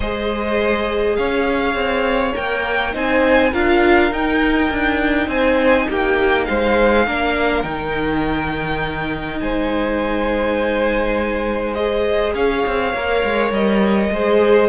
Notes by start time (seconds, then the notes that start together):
0.00 G#3 G#4 C5 D#5
1.16 C#4 C#5 F5
1.74 C4
2.33 A#3 A#4 G5
2.92 C4 D#4 C5 G#5
3.51 D4 F4 A#4 F5
4.11 D#4 G5
4.70 D4
5.27 C4 C5 G#5
5.89 A#3 G4 G5
6.45 G#3 C5 F5
7.06 A#3 D4 A#4
7.62 D#3 D#4 G5
9.40 G#3 C5 G#5
11.74 G#4 D#5
12.33 C#4 C#5 F5
12.66 C4
12.93 A#3 A#4
13.24 G#3
13.51 G3 D#5
14.11 G#3 G#4 C5